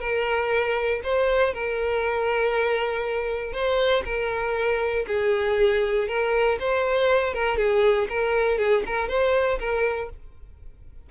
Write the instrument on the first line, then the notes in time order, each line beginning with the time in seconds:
violin
0.00 A#4
1.04 C5
1.54 A#4
3.53 C5
4.05 A#4
5.07 G#4
6.08 A#4
6.60 C5
7.34 A#4
7.57 G#4
8.09 A#4
8.58 G#4
8.86 A#4
9.08 C5
9.59 A#4